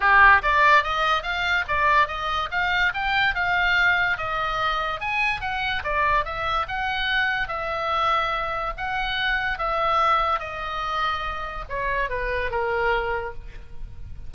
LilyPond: \new Staff \with { instrumentName = "oboe" } { \time 4/4 \tempo 4 = 144 g'4 d''4 dis''4 f''4 | d''4 dis''4 f''4 g''4 | f''2 dis''2 | gis''4 fis''4 d''4 e''4 |
fis''2 e''2~ | e''4 fis''2 e''4~ | e''4 dis''2. | cis''4 b'4 ais'2 | }